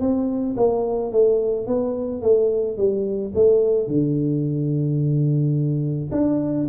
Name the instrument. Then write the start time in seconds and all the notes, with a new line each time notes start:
tuba
0.00 C4
0.57 A#3
1.12 A3
1.67 B3
2.22 A3
2.78 G3
3.35 A3
3.88 D3
6.12 D4